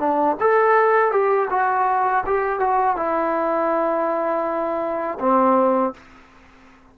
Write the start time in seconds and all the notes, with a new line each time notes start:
0.00 D4
0.40 A4
1.12 G4
1.51 F#4
2.27 G4
2.60 F#4
2.97 E4
5.20 C4